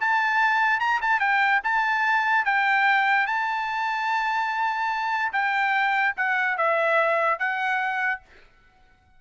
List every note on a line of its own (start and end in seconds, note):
0.00 0.80 A5
0.80 1.00 A#5
1.01 1.20 A5
1.20 1.61 G5
1.64 2.45 A5
2.45 3.27 G5
3.27 5.32 A5
5.33 6.15 G5
6.17 6.57 F#5
6.57 7.39 E5
7.39 8.21 F#5